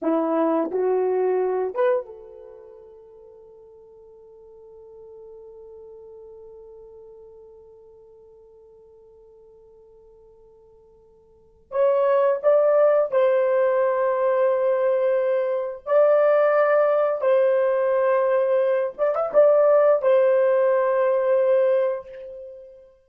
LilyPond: \new Staff \with { instrumentName = "horn" } { \time 4/4 \tempo 4 = 87 e'4 fis'4. b'8 a'4~ | a'1~ | a'1~ | a'1~ |
a'4 cis''4 d''4 c''4~ | c''2. d''4~ | d''4 c''2~ c''8 d''16 e''16 | d''4 c''2. | }